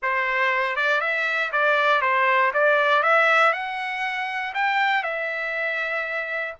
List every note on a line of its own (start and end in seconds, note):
0.02 0.76 C5
0.76 1.00 D5
1.00 1.51 E5
1.51 2.01 D5
2.01 2.52 C5
2.53 3.03 D5
3.03 3.52 E5
3.52 4.53 F#5
4.54 5.03 G5
5.03 6.54 E5